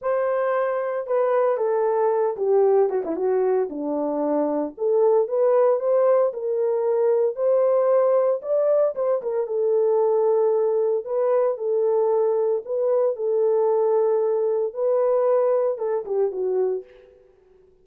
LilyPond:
\new Staff \with { instrumentName = "horn" } { \time 4/4 \tempo 4 = 114 c''2 b'4 a'4~ | a'8 g'4 fis'16 e'16 fis'4 d'4~ | d'4 a'4 b'4 c''4 | ais'2 c''2 |
d''4 c''8 ais'8 a'2~ | a'4 b'4 a'2 | b'4 a'2. | b'2 a'8 g'8 fis'4 | }